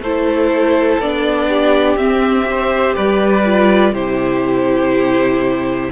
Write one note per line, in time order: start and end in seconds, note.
0.00 0.98 A3
0.00 1.03 E4
0.00 1.49 A4
0.00 1.01 C5
0.99 1.97 B3
0.99 1.98 D4
0.99 1.98 D5
1.49 2.47 G4
1.97 2.95 C4
1.97 2.44 C4
1.97 2.96 E5
2.44 3.43 G4
2.51 2.95 C5
2.95 3.93 G3
2.95 3.93 B4
2.95 3.95 D5
3.46 3.95 F4
3.93 5.89 C3
3.93 5.92 E4
3.93 5.90 G4
3.93 5.92 C5